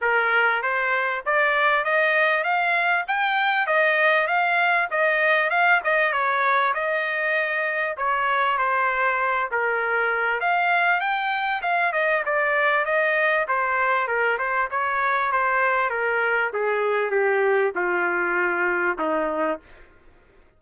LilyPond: \new Staff \with { instrumentName = "trumpet" } { \time 4/4 \tempo 4 = 98 ais'4 c''4 d''4 dis''4 | f''4 g''4 dis''4 f''4 | dis''4 f''8 dis''8 cis''4 dis''4~ | dis''4 cis''4 c''4. ais'8~ |
ais'4 f''4 g''4 f''8 dis''8 | d''4 dis''4 c''4 ais'8 c''8 | cis''4 c''4 ais'4 gis'4 | g'4 f'2 dis'4 | }